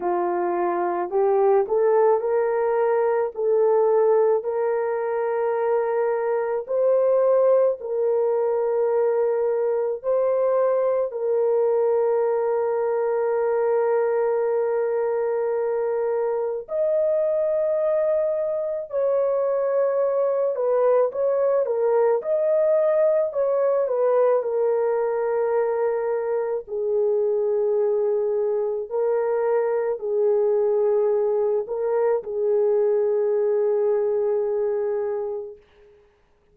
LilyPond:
\new Staff \with { instrumentName = "horn" } { \time 4/4 \tempo 4 = 54 f'4 g'8 a'8 ais'4 a'4 | ais'2 c''4 ais'4~ | ais'4 c''4 ais'2~ | ais'2. dis''4~ |
dis''4 cis''4. b'8 cis''8 ais'8 | dis''4 cis''8 b'8 ais'2 | gis'2 ais'4 gis'4~ | gis'8 ais'8 gis'2. | }